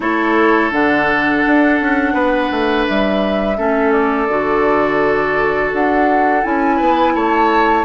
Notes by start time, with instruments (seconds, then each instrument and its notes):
0.00 bassoon A3, clarinet E4, oboe A4, flute C#5
0.70 bassoon D3, clarinet D4, flute F#5
1.47 bassoon D4
1.80 bassoon C#4
2.13 bassoon B3, oboe B4
2.51 bassoon A3
2.87 bassoon G3, flute E5
3.57 bassoon A3, clarinet C#4, oboe A4
3.92 flute D5
4.28 bassoon D3, clarinet F#4
5.72 bassoon D4, flute F#5
6.43 bassoon C#4, clarinet E4, flute G#5
6.76 bassoon B3, oboe B4
7.14 bassoon A3, oboe C#5, flute A5